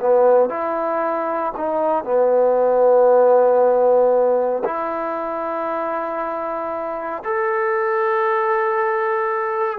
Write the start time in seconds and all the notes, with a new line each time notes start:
0.00 B3
0.49 E4
1.57 D#4
2.05 B3
4.65 E4
7.24 A4